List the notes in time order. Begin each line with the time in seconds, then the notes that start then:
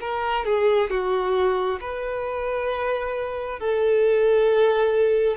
0.00 A#4
0.45 G#4
0.90 F#4
1.80 B4
3.59 A4